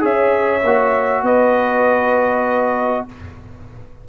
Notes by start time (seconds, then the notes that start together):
0.00 C#4 G#4 C#5 E5
0.63 A#3 F#4
1.23 B3 B4 D#5